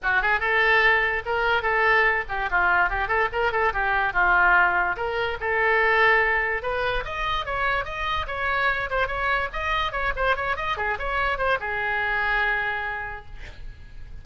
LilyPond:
\new Staff \with { instrumentName = "oboe" } { \time 4/4 \tempo 4 = 145 fis'8 gis'8 a'2 ais'4 | a'4. g'8 f'4 g'8 a'8 | ais'8 a'8 g'4 f'2 | ais'4 a'2. |
b'4 dis''4 cis''4 dis''4 | cis''4. c''8 cis''4 dis''4 | cis''8 c''8 cis''8 dis''8 gis'8 cis''4 c''8 | gis'1 | }